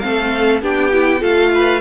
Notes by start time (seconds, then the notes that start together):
0.00 A3 C4 A4 F5
0.62 B3 D4 G4 G5
0.93 E4
1.20 A3 F4 A4 F5
1.55 B4